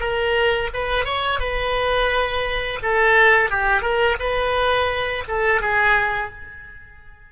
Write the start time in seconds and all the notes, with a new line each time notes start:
0.00 A#4
0.74 B4
1.05 C#5
1.40 B4
2.83 A4
3.50 G4
3.82 A#4
4.19 B4
5.28 A4
5.61 G#4